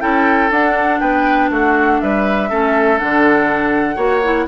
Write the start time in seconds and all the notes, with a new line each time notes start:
0.00 C#4 E4 A4 G5
0.51 D4 F#5
1.00 B3 B4 G5
1.50 A3 F#4 F#5
2.01 G3 B4 E5
2.49 A3 C#4 A4
2.98 D3 D4 F#5
3.96 A#3 F#4 C#5
4.24 E4